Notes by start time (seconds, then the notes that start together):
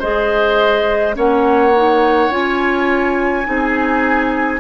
0.00 G#3 G#4 C5 D#5
1.15 A#3 C#4 C#5 F#5
1.76 D#4
2.30 C#4 F4 G#5
3.45 C4 D#4 G#4